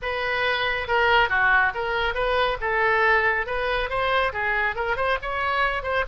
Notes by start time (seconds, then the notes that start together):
0.02 B4
0.87 A#4
1.29 F#4
1.74 A#4
2.14 B4
2.61 A4
3.46 B4
3.89 C5
4.32 G#4
4.75 A#4
4.96 C5
5.22 C#5
5.82 C5